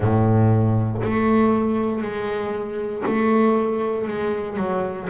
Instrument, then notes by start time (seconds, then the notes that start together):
double bass
0.00 A2
1.03 A3
2.02 G#3
3.06 A3
4.07 G#3
4.57 F#3